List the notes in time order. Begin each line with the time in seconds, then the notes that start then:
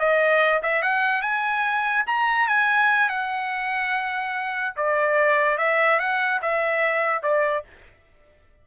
0.00 D#5
0.63 E5
0.82 F#5
1.22 G#5
2.07 A#5
2.48 G#5
3.09 F#5
4.77 D5
5.58 E5
6.00 F#5
6.42 E5
7.23 D5